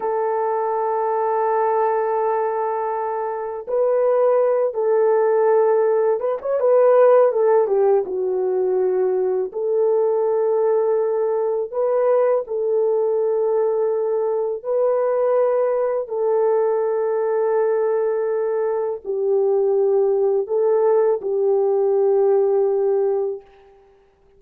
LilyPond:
\new Staff \with { instrumentName = "horn" } { \time 4/4 \tempo 4 = 82 a'1~ | a'4 b'4. a'4.~ | a'8 b'16 cis''16 b'4 a'8 g'8 fis'4~ | fis'4 a'2. |
b'4 a'2. | b'2 a'2~ | a'2 g'2 | a'4 g'2. | }